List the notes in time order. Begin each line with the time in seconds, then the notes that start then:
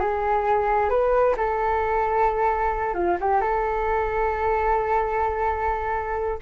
0.00 G#4
0.90 B4
1.37 A4
2.94 F4
3.20 G4
3.41 A4